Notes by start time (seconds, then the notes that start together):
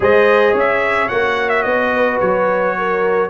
0.00 G#3 G#4 C5 D#5
0.52 C#4 C#5
0.58 E5
1.08 A#3 F#4 F#5
1.49 E5
1.62 B3 D#5
1.94 B4
2.20 F#3 C#5
2.78 A#4